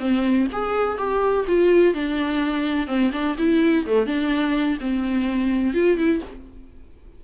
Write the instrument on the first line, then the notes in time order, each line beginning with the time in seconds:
viola
0.00 C4
0.53 G#4
0.98 G4
1.48 F4
1.95 D4
2.88 C4
3.13 D4
3.39 E4
3.87 A3
4.07 D4
4.81 C4
5.74 F4
5.98 E4